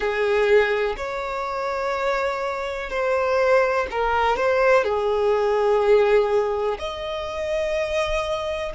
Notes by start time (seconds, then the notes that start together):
0.00 G#4
0.97 C#5
2.89 C5
3.90 A#4
4.36 C5
4.84 G#4
6.78 D#5